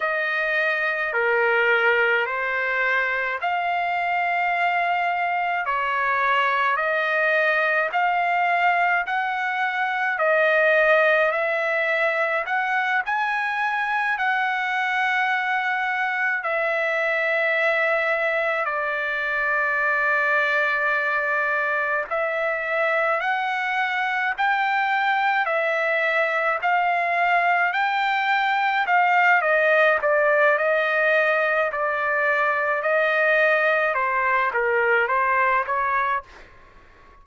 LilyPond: \new Staff \with { instrumentName = "trumpet" } { \time 4/4 \tempo 4 = 53 dis''4 ais'4 c''4 f''4~ | f''4 cis''4 dis''4 f''4 | fis''4 dis''4 e''4 fis''8 gis''8~ | gis''8 fis''2 e''4.~ |
e''8 d''2. e''8~ | e''8 fis''4 g''4 e''4 f''8~ | f''8 g''4 f''8 dis''8 d''8 dis''4 | d''4 dis''4 c''8 ais'8 c''8 cis''8 | }